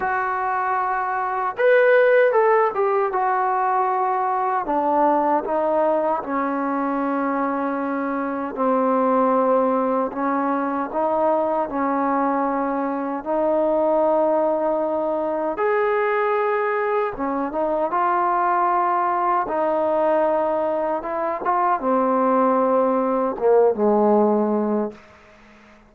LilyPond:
\new Staff \with { instrumentName = "trombone" } { \time 4/4 \tempo 4 = 77 fis'2 b'4 a'8 g'8 | fis'2 d'4 dis'4 | cis'2. c'4~ | c'4 cis'4 dis'4 cis'4~ |
cis'4 dis'2. | gis'2 cis'8 dis'8 f'4~ | f'4 dis'2 e'8 f'8 | c'2 ais8 gis4. | }